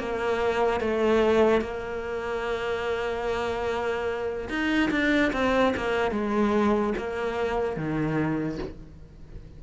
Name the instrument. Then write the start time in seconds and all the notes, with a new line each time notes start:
cello
0.00 A#3
0.81 A3
1.61 A#3
4.49 D#4
4.91 D4
5.33 C4
5.77 A#3
6.12 G#3
6.98 A#3
7.76 D#3